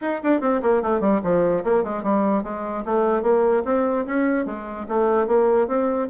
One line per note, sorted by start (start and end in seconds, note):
0.01 0.21 D#4
0.23 0.41 D4
0.41 0.61 C4
0.62 0.82 A#3
0.82 1.00 A3
1.00 1.20 G3
1.23 1.63 F3
1.64 1.83 A#3
1.83 2.03 G#3
2.03 2.43 G3
2.43 2.84 G#3
2.85 3.22 A3
3.22 3.63 A#3
3.64 4.05 C4
4.06 4.45 C#4
4.45 4.86 G#3
4.88 5.27 A3
5.27 5.67 A#3
5.67 6.08 C4